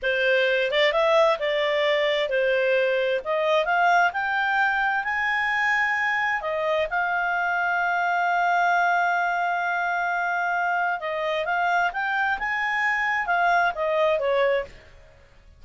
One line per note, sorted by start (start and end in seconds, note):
0.02 0.71 C5
0.71 0.92 D5
0.92 1.38 E5
1.39 2.29 D5
2.29 3.20 C5
3.24 3.65 D#5
3.65 4.11 F5
4.12 5.03 G5
5.03 6.41 G#5
6.41 6.87 D#5
6.90 10.99 F5
10.99 11.45 D#5
11.45 11.91 F5
11.92 12.38 G5
12.38 13.26 G#5
13.26 13.72 F5
13.74 14.19 D#5
14.19 14.64 C#5